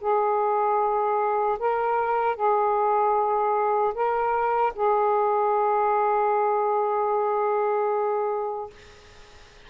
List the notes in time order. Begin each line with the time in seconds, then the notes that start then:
0.00 G#4
1.59 A#4
2.35 G#4
3.94 A#4
4.75 G#4